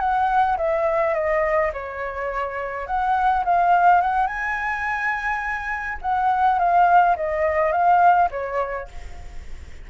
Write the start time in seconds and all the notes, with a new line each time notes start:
0.00 F#5
0.58 E5
1.14 D#5
1.74 C#5
2.87 F#5
3.45 F5
4.01 F#5
4.27 G#5
6.02 F#5
6.59 F5
7.17 D#5
7.72 F5
8.31 C#5